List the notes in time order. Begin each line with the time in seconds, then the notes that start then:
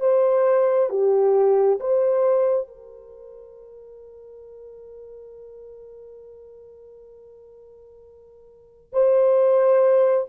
0.00 C5
0.90 G4
1.80 C5
2.67 A#4
8.93 C5